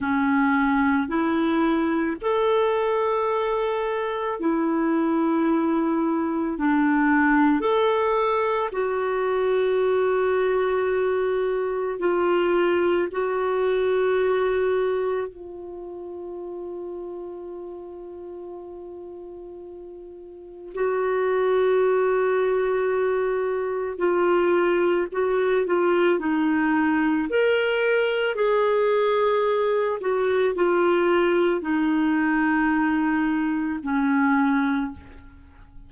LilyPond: \new Staff \with { instrumentName = "clarinet" } { \time 4/4 \tempo 4 = 55 cis'4 e'4 a'2 | e'2 d'4 a'4 | fis'2. f'4 | fis'2 f'2~ |
f'2. fis'4~ | fis'2 f'4 fis'8 f'8 | dis'4 ais'4 gis'4. fis'8 | f'4 dis'2 cis'4 | }